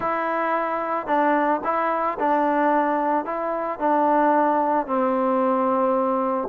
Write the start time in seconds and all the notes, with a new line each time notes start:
0.00 E4
1.07 D4
1.64 E4
2.19 D4
3.25 E4
3.79 D4
4.86 C4